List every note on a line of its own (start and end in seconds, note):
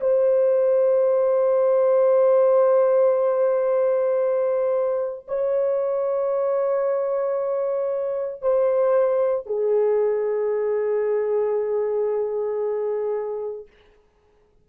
0.00 5.26 C5
5.28 8.42 C#5
8.42 9.46 C5
9.46 13.67 G#4